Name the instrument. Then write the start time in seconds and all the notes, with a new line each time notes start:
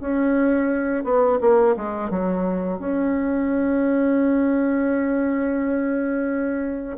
bassoon
0.00 C#4
1.04 B3
1.41 A#3
1.77 G#3
2.10 F#3
2.79 C#4